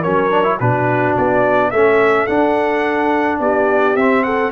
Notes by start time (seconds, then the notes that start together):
0.00 F#3 C#4 A#4 C#5
0.31 D4
0.43 E4
0.60 B2 D4 F#4 B4
1.17 B3 D5
1.70 A3 C#4 A4 E5
2.26 D4 F#5
3.40 B3 G4 D5
3.95 C4 E5
4.23 A4 F#5